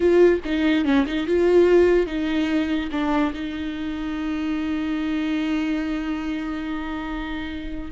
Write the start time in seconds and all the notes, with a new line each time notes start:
0.00 F4
0.44 D#4
0.84 C#4
1.06 D#4
1.26 F4
2.06 D#4
2.91 D4
3.34 D#4